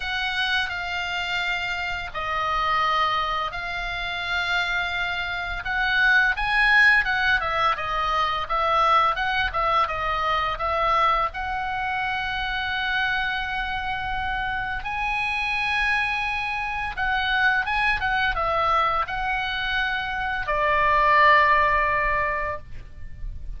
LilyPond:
\new Staff \with { instrumentName = "oboe" } { \time 4/4 \tempo 4 = 85 fis''4 f''2 dis''4~ | dis''4 f''2. | fis''4 gis''4 fis''8 e''8 dis''4 | e''4 fis''8 e''8 dis''4 e''4 |
fis''1~ | fis''4 gis''2. | fis''4 gis''8 fis''8 e''4 fis''4~ | fis''4 d''2. | }